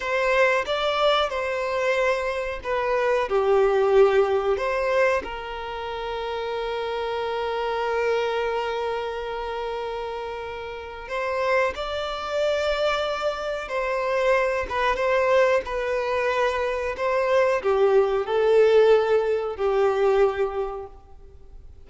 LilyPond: \new Staff \with { instrumentName = "violin" } { \time 4/4 \tempo 4 = 92 c''4 d''4 c''2 | b'4 g'2 c''4 | ais'1~ | ais'1~ |
ais'4 c''4 d''2~ | d''4 c''4. b'8 c''4 | b'2 c''4 g'4 | a'2 g'2 | }